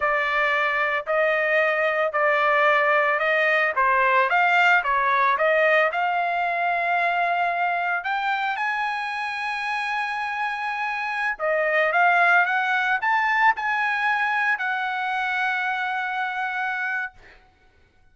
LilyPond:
\new Staff \with { instrumentName = "trumpet" } { \time 4/4 \tempo 4 = 112 d''2 dis''2 | d''2 dis''4 c''4 | f''4 cis''4 dis''4 f''4~ | f''2. g''4 |
gis''1~ | gis''4~ gis''16 dis''4 f''4 fis''8.~ | fis''16 a''4 gis''2 fis''8.~ | fis''1 | }